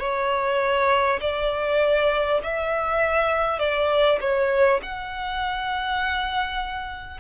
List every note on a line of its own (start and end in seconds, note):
0.00 1.20 C#5
1.21 2.41 D5
2.43 3.59 E5
3.59 4.19 D5
4.21 4.81 C#5
4.83 7.21 F#5